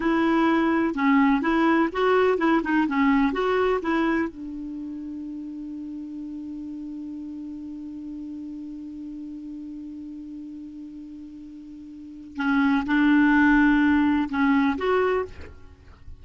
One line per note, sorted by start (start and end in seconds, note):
0.00 0.94 E4
0.94 1.41 C#4
1.41 1.89 E4
1.92 2.37 F#4
2.37 2.61 E4
2.63 2.87 D#4
2.87 3.32 C#4
3.32 3.80 F#4
3.81 4.29 E4
4.29 12.36 D4
12.36 12.84 C#4
12.85 14.28 D4
14.29 14.76 C#4
14.77 15.25 F#4